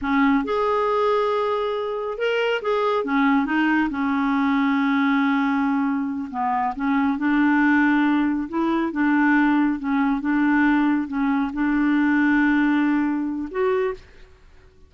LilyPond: \new Staff \with { instrumentName = "clarinet" } { \time 4/4 \tempo 4 = 138 cis'4 gis'2.~ | gis'4 ais'4 gis'4 cis'4 | dis'4 cis'2.~ | cis'2~ cis'8 b4 cis'8~ |
cis'8 d'2. e'8~ | e'8 d'2 cis'4 d'8~ | d'4. cis'4 d'4.~ | d'2. fis'4 | }